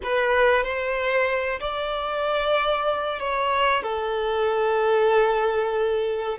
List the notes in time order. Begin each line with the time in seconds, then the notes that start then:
0.03 B4
0.63 C5
1.60 D5
3.19 C#5
3.83 A4